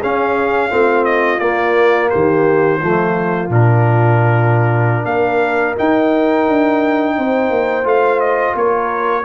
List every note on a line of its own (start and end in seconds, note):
0.00 0.70 C#4
0.00 0.71 C#4
0.00 0.70 G#4
0.00 1.05 F5
0.70 1.40 A3
0.70 1.40 C4
0.70 2.11 F4
1.05 1.39 D#5
1.39 2.11 A#3
1.39 2.81 A#3
1.39 2.09 D5
2.10 2.83 D#3
2.10 2.79 G4
2.10 3.49 C5
2.79 3.49 F3
2.79 3.50 A3
2.79 5.06 F4
3.49 5.05 A#2
3.49 5.77 D4
3.49 5.06 A#4
5.05 5.75 A#3
5.05 7.16 A#4
5.05 5.75 F5
5.77 7.84 D#4
5.77 6.49 D#4
5.77 7.88 G5
6.49 7.18 D4
7.18 7.50 C4
7.18 8.57 C5
7.50 7.85 A#3
7.84 8.54 A3
7.84 9.24 F4
7.84 8.20 F5
8.20 8.55 D#5
8.56 9.25 A#3
8.56 9.25 A#4
8.56 9.25 C#5